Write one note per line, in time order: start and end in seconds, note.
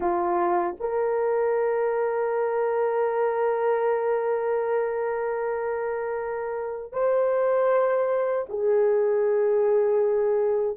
0.00 0.76 F4
0.79 6.92 A#4
6.92 8.46 C5
8.49 10.77 G#4